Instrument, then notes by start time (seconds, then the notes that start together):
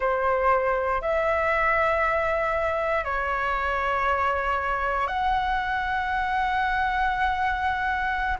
flute
0.00 C5
1.01 E5
3.04 C#5
5.07 F#5